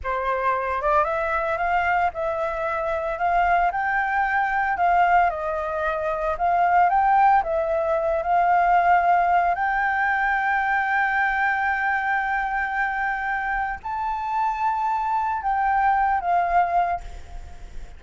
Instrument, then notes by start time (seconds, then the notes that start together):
flute
0.03 C5
0.81 D5
1.04 E5
1.57 F5
2.13 E5
3.18 F5
3.71 G5
4.77 F5
5.30 D#5
6.37 F5
6.89 G5
7.43 E5
8.22 F5
9.55 G5
13.83 A5
15.42 G5
16.20 F5